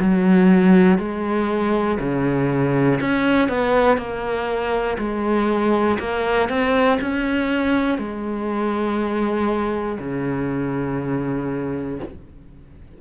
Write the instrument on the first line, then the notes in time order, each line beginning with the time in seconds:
cello
0.00 F#3
0.99 G#3
2.00 C#3
3.01 C#4
3.49 B3
3.98 A#3
4.98 G#3
6.00 A#3
6.49 C4
7.01 C#4
7.98 G#3
9.99 C#3